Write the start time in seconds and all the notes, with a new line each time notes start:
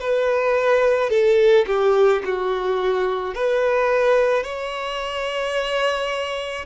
0.00 B4
1.10 A4
1.67 G4
2.25 F#4
3.35 B4
4.43 C#5